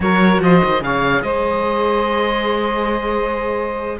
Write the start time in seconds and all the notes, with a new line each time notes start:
0.00 F#3 F#4 A#4 C#5
0.40 F3 C5 D#5
0.64 D#3
0.80 C#3 G#4 C#5 F5
1.22 G#3 C5 D#5